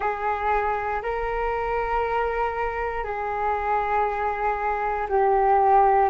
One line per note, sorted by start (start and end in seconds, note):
0.00 1.01 G#4
1.02 3.04 A#4
3.04 5.07 G#4
5.08 6.09 G4